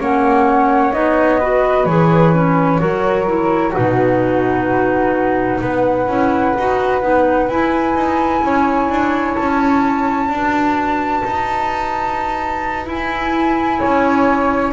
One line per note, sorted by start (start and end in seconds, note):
0.00 0.93 A#3
0.00 0.93 C#4
0.00 1.40 C#5
0.00 0.93 F#5
0.93 1.86 B3
0.93 1.40 D#4
0.93 1.86 D#5
1.40 1.88 F#4
1.40 2.80 B4
1.86 2.79 E3
1.86 2.34 G#4
1.86 3.73 C#5
2.34 2.80 C#4
2.80 3.74 F#3
2.80 3.27 F#4
2.80 3.71 A#4
3.27 3.74 E4
3.71 6.09 D#4
3.71 5.59 F#4
3.71 5.62 B4
3.78 5.61 B2
5.61 6.07 B3
5.61 8.42 B4
5.61 7.49 F#5
6.07 6.54 C#4
6.07 6.55 E4
6.58 7.03 D#4
6.58 7.02 F#4
7.02 7.49 B3
7.02 7.49 D#4
7.49 7.95 E4
7.49 10.31 E4
7.49 9.35 G#5
7.95 8.42 D#4
8.42 8.89 C#4
8.42 10.29 C#5
8.90 9.37 D4
9.35 10.29 C#4
9.35 12.87 A5
10.29 11.23 D4
10.29 12.86 F#4
10.29 13.80 B4
11.25 12.87 D#4
12.86 14.73 E4
12.86 13.81 E4
12.86 14.73 G#5
13.80 14.73 C#4
13.80 14.73 C#5